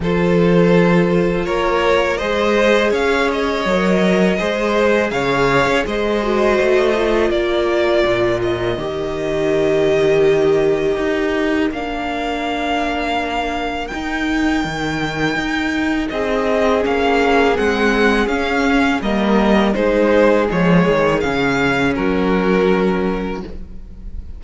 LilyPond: <<
  \new Staff \with { instrumentName = "violin" } { \time 4/4 \tempo 4 = 82 c''2 cis''4 dis''4 | f''8 dis''2~ dis''8 f''4 | dis''2 d''4. dis''8~ | dis''1 |
f''2. g''4~ | g''2 dis''4 f''4 | fis''4 f''4 dis''4 c''4 | cis''4 f''4 ais'2 | }
  \new Staff \with { instrumentName = "violin" } { \time 4/4 a'2 ais'4 c''4 | cis''2 c''4 cis''4 | c''2 ais'2~ | ais'1~ |
ais'1~ | ais'2 gis'2~ | gis'2 ais'4 gis'4~ | gis'2 fis'2 | }
  \new Staff \with { instrumentName = "viola" } { \time 4/4 f'2. gis'4~ | gis'4 ais'4 gis'2~ | gis'8 fis'4 f'2~ f'8 | g'1 |
d'2. dis'4~ | dis'2. cis'4 | c'4 cis'4 ais4 dis'4 | gis4 cis'2. | }
  \new Staff \with { instrumentName = "cello" } { \time 4/4 f2 ais4 gis4 | cis'4 fis4 gis4 cis8. cis'16 | gis4 a4 ais4 ais,4 | dis2. dis'4 |
ais2. dis'4 | dis4 dis'4 c'4 ais4 | gis4 cis'4 g4 gis4 | f8 dis8 cis4 fis2 | }
>>